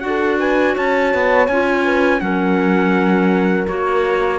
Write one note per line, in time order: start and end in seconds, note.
0.00 0.77 D4
0.00 1.47 F#4
0.00 0.37 F#5
0.07 0.39 A4
0.39 0.74 B4
0.39 0.76 G#5
0.74 1.14 C#4
0.74 1.84 C#5
0.74 1.48 A5
1.14 1.48 B3
1.48 2.21 C#4
1.48 2.20 F4
1.48 2.21 G#5
1.84 2.21 B4
2.20 3.68 F#3
2.20 3.66 C#4
2.20 4.39 A#4
2.20 3.67 F#5
3.68 4.39 A#3
3.68 4.39 F#4
3.68 4.39 C#5